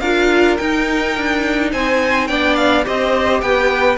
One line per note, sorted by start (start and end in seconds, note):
0.00 0.57 D4
0.00 0.59 F4
0.00 1.70 A#4
0.00 0.57 F5
0.57 2.29 D#4
0.57 1.17 D#4
0.57 1.70 G5
1.17 1.73 D4
1.72 2.29 C4
1.72 2.28 C5
1.72 2.27 G#5
2.27 2.86 B3
2.27 2.83 D4
2.27 2.85 D5
2.27 2.55 G5
2.55 2.84 F5
2.83 3.42 C4
2.83 3.97 G4
2.83 3.42 C5
2.83 3.41 D#5
3.41 3.97 B3
3.41 3.97 B4
3.41 3.97 G5